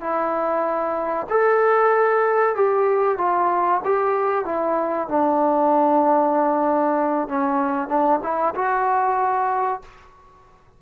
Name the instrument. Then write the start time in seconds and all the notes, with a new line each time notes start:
trombone
0.00 E4
1.29 A4
2.56 G4
3.18 F4
3.85 G4
4.45 E4
5.08 D4
7.28 C#4
7.88 D4
8.23 E4
8.55 F#4